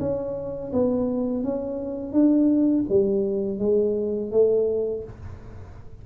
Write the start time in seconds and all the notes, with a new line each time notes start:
0.00 C#4
0.73 B3
1.44 C#4
2.13 D4
2.89 G3
3.59 G#3
4.32 A3